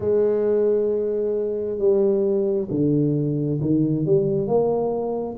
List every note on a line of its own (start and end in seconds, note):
0.00 1.78 G#3
1.78 2.68 G3
2.70 3.60 D3
3.61 4.05 D#3
4.05 4.47 G3
4.47 5.36 A#3